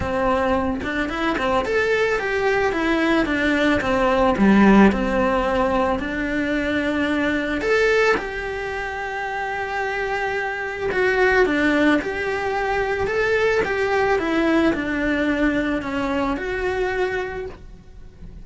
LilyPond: \new Staff \with { instrumentName = "cello" } { \time 4/4 \tempo 4 = 110 c'4. d'8 e'8 c'8 a'4 | g'4 e'4 d'4 c'4 | g4 c'2 d'4~ | d'2 a'4 g'4~ |
g'1 | fis'4 d'4 g'2 | a'4 g'4 e'4 d'4~ | d'4 cis'4 fis'2 | }